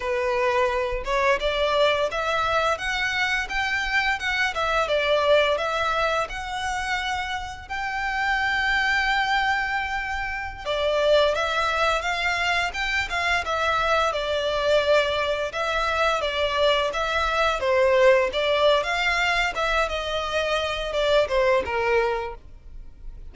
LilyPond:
\new Staff \with { instrumentName = "violin" } { \time 4/4 \tempo 4 = 86 b'4. cis''8 d''4 e''4 | fis''4 g''4 fis''8 e''8 d''4 | e''4 fis''2 g''4~ | g''2.~ g''16 d''8.~ |
d''16 e''4 f''4 g''8 f''8 e''8.~ | e''16 d''2 e''4 d''8.~ | d''16 e''4 c''4 d''8. f''4 | e''8 dis''4. d''8 c''8 ais'4 | }